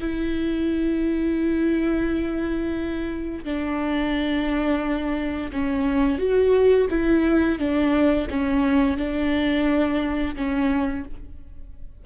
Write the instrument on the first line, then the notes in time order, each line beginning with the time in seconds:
viola
0.00 E4
3.45 D4
5.52 C#4
6.18 F#4
6.90 E4
7.59 D4
8.30 C#4
8.97 D4
10.36 C#4